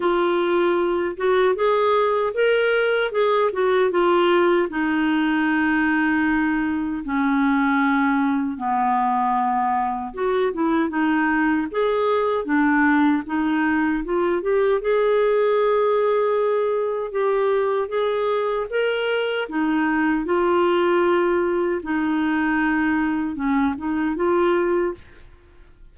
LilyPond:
\new Staff \with { instrumentName = "clarinet" } { \time 4/4 \tempo 4 = 77 f'4. fis'8 gis'4 ais'4 | gis'8 fis'8 f'4 dis'2~ | dis'4 cis'2 b4~ | b4 fis'8 e'8 dis'4 gis'4 |
d'4 dis'4 f'8 g'8 gis'4~ | gis'2 g'4 gis'4 | ais'4 dis'4 f'2 | dis'2 cis'8 dis'8 f'4 | }